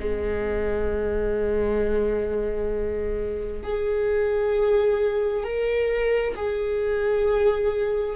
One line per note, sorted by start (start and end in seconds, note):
0.00 3.63 G#3
3.63 5.44 G#4
5.44 6.35 A#4
6.36 8.16 G#4